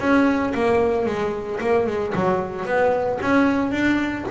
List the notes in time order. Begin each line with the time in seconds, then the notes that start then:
0.00 C#4
0.55 A#3
1.06 G#3
1.61 A#3
1.87 G#3
2.16 F#3
2.66 B3
3.22 C#4
3.72 D4